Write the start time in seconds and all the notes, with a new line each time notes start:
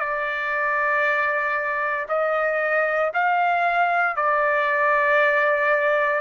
0.00 D5
2.08 D#5
3.14 F5
4.16 D5